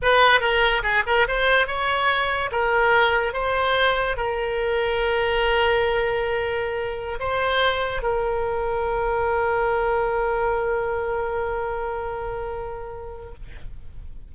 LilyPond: \new Staff \with { instrumentName = "oboe" } { \time 4/4 \tempo 4 = 144 b'4 ais'4 gis'8 ais'8 c''4 | cis''2 ais'2 | c''2 ais'2~ | ais'1~ |
ais'4~ ais'16 c''2 ais'8.~ | ais'1~ | ais'1~ | ais'1 | }